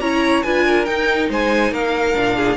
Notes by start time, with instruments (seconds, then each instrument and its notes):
0.00 cello C#4, viola E4, violin C#5 A#5
0.42 cello D4, viola F4, violin B4 G#5
0.65 violin A#4
0.85 viola D#4, cello D#4, violin G5
1.29 cello G#3, violin C5 G#5
1.71 cello A#3, violin A#4 F5
2.14 cello A#2, viola D4
2.36 violin G#4